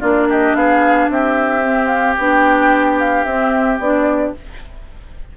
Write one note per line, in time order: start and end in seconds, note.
0.00 0.54 A#3
0.00 1.63 D4
0.00 0.27 F4
0.00 0.27 D5
0.29 0.56 G4
0.29 0.55 D#5
0.54 1.08 B3
0.54 1.11 G#4
0.54 1.09 F5
1.10 2.18 C4
1.10 4.37 G4
1.10 1.87 E5
1.63 2.17 C4
1.87 2.14 F5
2.18 3.25 B3
2.18 3.27 D4
2.18 3.00 G5
3.00 3.24 F5
3.24 3.79 C4
3.24 3.81 C4
3.24 3.78 E5
3.79 4.33 B3
3.79 4.35 D4
3.79 4.34 D5